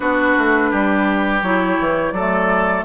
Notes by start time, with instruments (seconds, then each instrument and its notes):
0.00 bassoon B3, clarinet D4, oboe F#4, flute B4
0.37 bassoon A3
0.70 bassoon G3, oboe G4
1.42 bassoon F#3, clarinet E4, flute C#5
1.79 bassoon E3
2.11 bassoon F#3, clarinet A3, oboe A4, flute D5